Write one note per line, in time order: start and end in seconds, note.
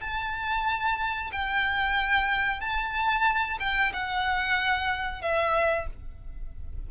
0.00 1.30 A5
1.32 2.60 G5
2.60 3.58 A5
3.59 3.92 G5
3.93 5.21 F#5
5.21 5.86 E5